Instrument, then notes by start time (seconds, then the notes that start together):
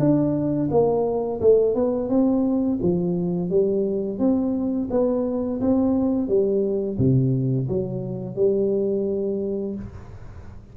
tuba
0.00 D4
0.71 A#3
1.41 A3
1.75 B3
2.10 C4
2.83 F3
3.50 G3
4.19 C4
4.91 B3
5.61 C4
6.29 G3
6.98 C3
7.69 F#3
8.36 G3